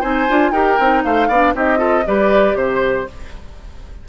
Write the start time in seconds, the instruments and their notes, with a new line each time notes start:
0.00 bassoon C4, clarinet D#4, oboe C5, flute G#5
0.28 bassoon D4, clarinet F4
0.51 bassoon D#4, clarinet G4, oboe A#4, flute G5
0.79 bassoon C4, clarinet D#4
1.03 bassoon A3, oboe C5, flute F5
1.28 bassoon B3, clarinet D4, oboe D5
1.54 bassoon C4, clarinet D#4, oboe G4, flute D#5
1.77 clarinet F4, oboe A4
2.06 bassoon G3, clarinet G4, oboe B4, flute D5
2.54 bassoon C3, flute C5, oboe C5